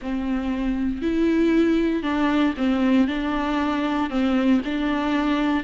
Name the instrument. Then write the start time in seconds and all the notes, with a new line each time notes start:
viola
0.02 C4
1.02 E4
2.02 D4
2.57 C4
3.07 D4
4.10 C4
4.64 D4